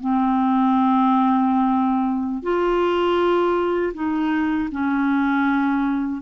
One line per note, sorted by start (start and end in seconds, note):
0.00 2.43 C4
2.43 3.93 F4
3.94 4.69 D#4
4.71 6.21 C#4